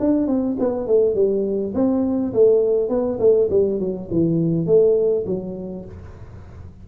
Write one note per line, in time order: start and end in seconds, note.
0.00 0.28 D4
0.28 0.57 C4
0.60 0.87 B3
0.87 1.15 A3
1.15 1.74 G3
1.75 2.33 C4
2.34 2.89 A3
2.89 3.19 B3
3.20 3.49 A3
3.50 3.80 G3
3.80 4.09 F#3
4.11 4.66 E3
4.66 5.25 A3
5.26 5.85 F#3